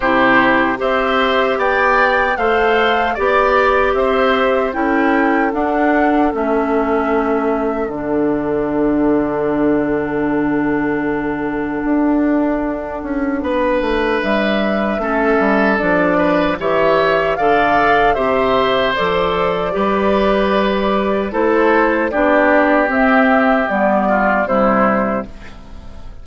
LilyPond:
<<
  \new Staff \with { instrumentName = "flute" } { \time 4/4 \tempo 4 = 76 c''4 e''4 g''4 f''4 | d''4 e''4 g''4 fis''4 | e''2 fis''2~ | fis''1~ |
fis''2 e''2 | d''4 e''4 f''4 e''4 | d''2. c''4 | d''4 e''4 d''4 c''4 | }
  \new Staff \with { instrumentName = "oboe" } { \time 4/4 g'4 c''4 d''4 c''4 | d''4 c''4 a'2~ | a'1~ | a'1~ |
a'4 b'2 a'4~ | a'8 b'8 cis''4 d''4 c''4~ | c''4 b'2 a'4 | g'2~ g'8 f'8 e'4 | }
  \new Staff \with { instrumentName = "clarinet" } { \time 4/4 e'4 g'2 a'4 | g'2 e'4 d'4 | cis'2 d'2~ | d'1~ |
d'2. cis'4 | d'4 g'4 a'4 g'4 | a'4 g'2 e'4 | d'4 c'4 b4 g4 | }
  \new Staff \with { instrumentName = "bassoon" } { \time 4/4 c4 c'4 b4 a4 | b4 c'4 cis'4 d'4 | a2 d2~ | d2. d'4~ |
d'8 cis'8 b8 a8 g4 a8 g8 | f4 e4 d4 c4 | f4 g2 a4 | b4 c'4 g4 c4 | }
>>